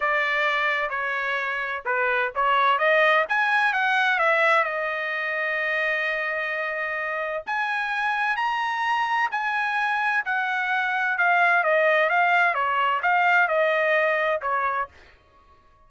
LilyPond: \new Staff \with { instrumentName = "trumpet" } { \time 4/4 \tempo 4 = 129 d''2 cis''2 | b'4 cis''4 dis''4 gis''4 | fis''4 e''4 dis''2~ | dis''1 |
gis''2 ais''2 | gis''2 fis''2 | f''4 dis''4 f''4 cis''4 | f''4 dis''2 cis''4 | }